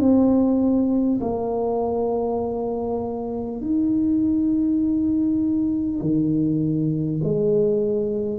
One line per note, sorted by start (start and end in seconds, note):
0.00 1.20 C4
1.21 3.61 A#3
3.61 6.01 D#4
6.01 7.21 D#3
7.24 8.39 G#3